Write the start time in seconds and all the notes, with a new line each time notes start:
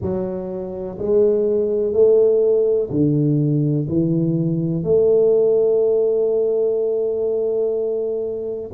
0.01 F#3
0.98 G#3
1.93 A3
2.89 D3
3.88 E3
4.83 A3